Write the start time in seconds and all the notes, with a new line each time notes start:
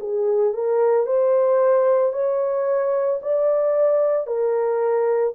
0.00 G#4
0.54 A#4
1.07 C5
2.13 C#5
3.22 D5
4.27 A#4